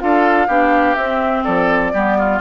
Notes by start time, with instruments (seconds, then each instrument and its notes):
0.00 bassoon D4, clarinet F4, oboe A4, flute F5
0.48 bassoon B3, clarinet D4, oboe G4
0.95 bassoon C4, clarinet C4, flute E5
1.44 bassoon F3, oboe A4, flute D5
1.94 bassoon G3, clarinet B3, oboe G4
2.19 oboe F4